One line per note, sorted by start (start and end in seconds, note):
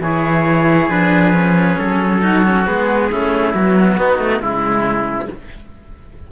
0.00 0.88 E3
0.00 0.90 E4
0.00 2.22 G#4
0.00 0.90 C#5
0.89 1.77 F3
0.89 1.33 D4
0.89 1.78 B4
1.33 2.22 C#4
1.78 2.68 F#3
1.78 2.67 A4
2.22 2.44 D#4
2.22 3.10 F#4
2.44 2.66 C#4
2.66 3.12 G#3
2.66 3.10 B3
2.66 3.55 G#4
3.11 3.55 A3
3.11 3.53 C#4
3.11 3.98 E4
3.53 3.98 F#3
3.53 4.41 B3
3.53 4.42 F#4
3.98 4.18 B3
3.98 4.42 D#4
4.18 4.40 A3
4.40 5.30 C#3
4.40 5.28 G#3
4.40 5.30 E4
4.40 5.31 E4